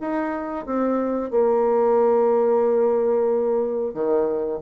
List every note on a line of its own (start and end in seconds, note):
0.00 0.66 D#4
0.66 1.31 C4
1.31 3.94 A#3
3.94 4.60 D#3